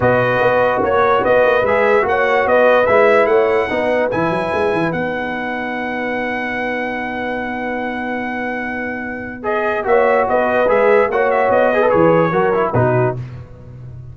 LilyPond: <<
  \new Staff \with { instrumentName = "trumpet" } { \time 4/4 \tempo 4 = 146 dis''2 cis''4 dis''4 | e''4 fis''4 dis''4 e''4 | fis''2 gis''2 | fis''1~ |
fis''1~ | fis''2. dis''4 | e''4 dis''4 e''4 fis''8 e''8 | dis''4 cis''2 b'4 | }
  \new Staff \with { instrumentName = "horn" } { \time 4/4 b'2 cis''4 b'4~ | b'4 cis''4 b'2 | cis''4 b'2.~ | b'1~ |
b'1~ | b'1 | cis''4 b'2 cis''4~ | cis''8 b'4. ais'4 fis'4 | }
  \new Staff \with { instrumentName = "trombone" } { \time 4/4 fis'1 | gis'4 fis'2 e'4~ | e'4 dis'4 e'2 | dis'1~ |
dis'1~ | dis'2. gis'4 | fis'2 gis'4 fis'4~ | fis'8 gis'16 a'16 gis'4 fis'8 e'8 dis'4 | }
  \new Staff \with { instrumentName = "tuba" } { \time 4/4 b,4 b4 ais4 b8 ais8 | gis4 ais4 b4 gis4 | a4 b4 e8 fis8 gis8 e8 | b1~ |
b1~ | b1 | ais4 b4 gis4 ais4 | b4 e4 fis4 b,4 | }
>>